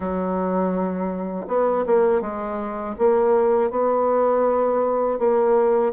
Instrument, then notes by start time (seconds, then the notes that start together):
bassoon
0.00 F#3
1.47 B3
1.86 A#3
2.21 G#3
2.98 A#3
3.70 B3
5.18 A#3